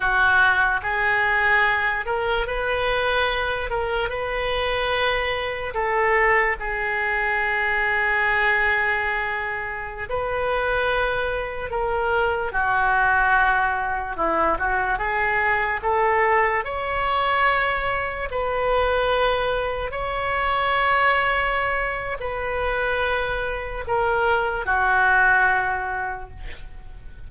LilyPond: \new Staff \with { instrumentName = "oboe" } { \time 4/4 \tempo 4 = 73 fis'4 gis'4. ais'8 b'4~ | b'8 ais'8 b'2 a'4 | gis'1~ | gis'16 b'2 ais'4 fis'8.~ |
fis'4~ fis'16 e'8 fis'8 gis'4 a'8.~ | a'16 cis''2 b'4.~ b'16~ | b'16 cis''2~ cis''8. b'4~ | b'4 ais'4 fis'2 | }